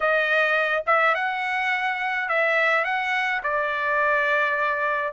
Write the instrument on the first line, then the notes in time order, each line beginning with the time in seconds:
trumpet
0.00 D#5
0.86 E5
1.14 F#5
2.28 E5
2.84 F#5
3.43 D5